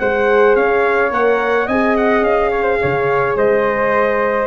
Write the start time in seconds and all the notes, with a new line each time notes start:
0.00 G#3 G#4 C5 F#5
0.56 C#4 C#5 F5
1.11 A#3 A#4 F#5
1.66 C4 G#4 D#5 G#5
1.97 F#5
2.22 C#4 F5
2.51 C#5
2.63 C5
2.81 C#3 C#5
3.36 G#3 C5 D#5